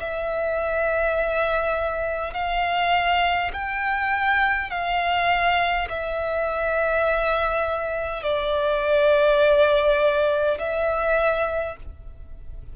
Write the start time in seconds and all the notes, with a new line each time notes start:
0.00 E5
2.34 F5
3.53 G5
4.71 F5
5.90 E5
8.24 D5
10.59 E5